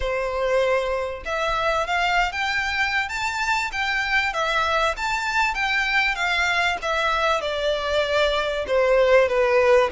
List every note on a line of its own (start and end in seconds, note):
0.00 1.23 C5
1.25 1.86 E5
1.86 2.31 F5
2.31 3.08 G5
3.08 3.70 A5
3.72 4.33 G5
4.33 4.95 E5
4.96 5.54 A5
5.54 6.15 G5
6.15 6.77 F5
6.82 7.41 E5
7.41 8.65 D5
8.67 9.28 C5
9.28 9.90 B4